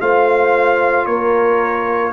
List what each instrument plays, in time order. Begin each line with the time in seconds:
0.00 tuba A3, trombone F4, horn C5, trumpet F5
1.06 tuba A#3, horn A#4, trumpet C#5